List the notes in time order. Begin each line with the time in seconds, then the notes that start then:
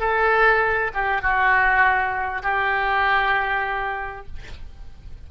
0.00 A4
0.94 G4
1.22 F#4
2.43 G4